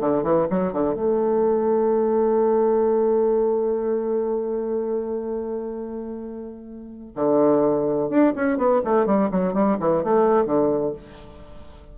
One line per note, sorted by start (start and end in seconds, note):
0.00 0.23 D3
0.23 0.47 E3
0.50 0.73 F#3
0.73 0.94 D3
0.94 7.13 A3
7.15 8.09 D3
8.09 8.33 D4
8.35 8.57 C#4
8.57 8.81 B3
8.84 9.06 A3
9.06 9.29 G3
9.31 9.53 F#3
9.53 9.77 G3
9.79 10.03 E3
10.03 10.45 A3
10.45 10.92 D3